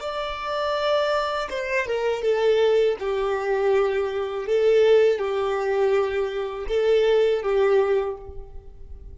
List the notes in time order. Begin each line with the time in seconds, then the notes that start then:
0.00 D5
1.49 C5
1.86 A#4
2.22 A4
2.99 G4
4.46 A4
5.18 G4
6.68 A4
7.42 G4